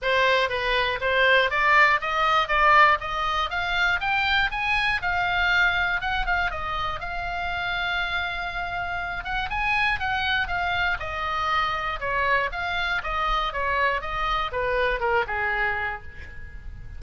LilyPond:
\new Staff \with { instrumentName = "oboe" } { \time 4/4 \tempo 4 = 120 c''4 b'4 c''4 d''4 | dis''4 d''4 dis''4 f''4 | g''4 gis''4 f''2 | fis''8 f''8 dis''4 f''2~ |
f''2~ f''8 fis''8 gis''4 | fis''4 f''4 dis''2 | cis''4 f''4 dis''4 cis''4 | dis''4 b'4 ais'8 gis'4. | }